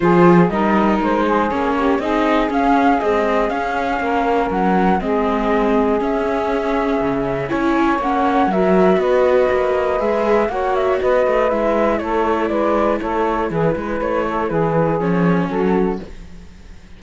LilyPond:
<<
  \new Staff \with { instrumentName = "flute" } { \time 4/4 \tempo 4 = 120 c''4 dis''4 c''4 cis''4 | dis''4 f''4 dis''4 f''4~ | f''4 fis''4 dis''2 | e''2. gis''4 |
fis''4 e''4 dis''2 | e''4 fis''8 e''8 dis''4 e''4 | cis''4 d''4 cis''4 b'4 | cis''4 b'4 cis''4 a'4 | }
  \new Staff \with { instrumentName = "saxophone" } { \time 4/4 gis'4 ais'4. gis'4 g'8 | gis'1 | ais'2 gis'2~ | gis'2. cis''4~ |
cis''4 ais'4 b'2~ | b'4 cis''4 b'2 | a'4 b'4 a'4 gis'8 b'8~ | b'8 a'8 gis'2 fis'4 | }
  \new Staff \with { instrumentName = "viola" } { \time 4/4 f'4 dis'2 cis'4 | dis'4 cis'4 gis4 cis'4~ | cis'2 c'2 | cis'2. e'4 |
cis'4 fis'2. | gis'4 fis'2 e'4~ | e'1~ | e'2 cis'2 | }
  \new Staff \with { instrumentName = "cello" } { \time 4/4 f4 g4 gis4 ais4 | c'4 cis'4 c'4 cis'4 | ais4 fis4 gis2 | cis'2 cis4 cis'4 |
ais4 fis4 b4 ais4 | gis4 ais4 b8 a8 gis4 | a4 gis4 a4 e8 gis8 | a4 e4 f4 fis4 | }
>>